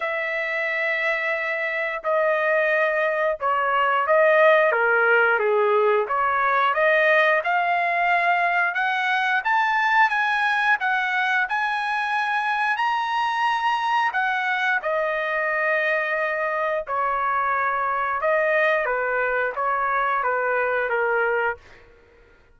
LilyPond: \new Staff \with { instrumentName = "trumpet" } { \time 4/4 \tempo 4 = 89 e''2. dis''4~ | dis''4 cis''4 dis''4 ais'4 | gis'4 cis''4 dis''4 f''4~ | f''4 fis''4 a''4 gis''4 |
fis''4 gis''2 ais''4~ | ais''4 fis''4 dis''2~ | dis''4 cis''2 dis''4 | b'4 cis''4 b'4 ais'4 | }